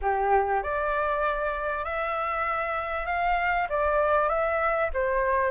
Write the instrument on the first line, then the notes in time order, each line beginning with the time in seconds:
flute
0.01 G4
0.62 D5
1.84 E5
3.06 F5
3.69 D5
4.29 E5
4.93 C5